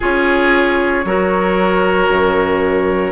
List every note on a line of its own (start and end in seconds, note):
0.00 1.04 C#4
0.00 1.06 F4
0.00 1.05 G#4
0.00 3.11 C#5
1.04 2.08 F#3
1.04 3.11 F#4
1.04 3.11 A#4
2.08 3.11 F#2